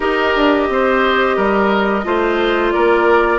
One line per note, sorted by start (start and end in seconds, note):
0.00 0.34 D#4
0.00 2.03 G4
0.00 0.68 A#4
0.00 2.71 D#5
0.35 0.69 D4
0.69 1.37 C4
0.69 1.36 C5
1.36 2.05 G3
1.36 2.04 A#4
2.03 2.73 A3
2.03 3.39 F4
2.03 2.73 C5
2.71 3.39 A#3
2.71 3.39 A#4
2.71 3.39 D5